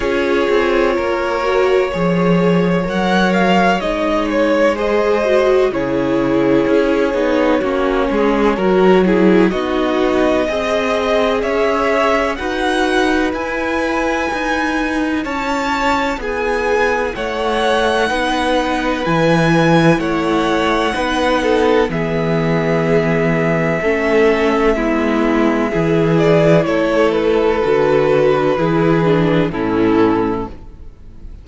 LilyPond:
<<
  \new Staff \with { instrumentName = "violin" } { \time 4/4 \tempo 4 = 63 cis''2. fis''8 f''8 | dis''8 cis''8 dis''4 cis''2~ | cis''2 dis''2 | e''4 fis''4 gis''2 |
a''4 gis''4 fis''2 | gis''4 fis''2 e''4~ | e''2.~ e''8 d''8 | cis''8 b'2~ b'8 a'4 | }
  \new Staff \with { instrumentName = "violin" } { \time 4/4 gis'4 ais'4 cis''2~ | cis''4 c''4 gis'2 | fis'8 gis'8 ais'8 gis'8 fis'4 dis''4 | cis''4 b'2. |
cis''4 gis'4 cis''4 b'4~ | b'4 cis''4 b'8 a'8 gis'4~ | gis'4 a'4 e'4 gis'4 | a'2 gis'4 e'4 | }
  \new Staff \with { instrumentName = "viola" } { \time 4/4 f'4. fis'8 gis'4 ais'4 | dis'4 gis'8 fis'8 e'4. dis'8 | cis'4 fis'8 e'8 dis'4 gis'4~ | gis'4 fis'4 e'2~ |
e'2. dis'4 | e'2 dis'4 b4~ | b4 cis'4 b4 e'4~ | e'4 fis'4 e'8 d'8 cis'4 | }
  \new Staff \with { instrumentName = "cello" } { \time 4/4 cis'8 c'8 ais4 f4 fis4 | gis2 cis4 cis'8 b8 | ais8 gis8 fis4 b4 c'4 | cis'4 dis'4 e'4 dis'4 |
cis'4 b4 a4 b4 | e4 a4 b4 e4~ | e4 a4 gis4 e4 | a4 d4 e4 a,4 | }
>>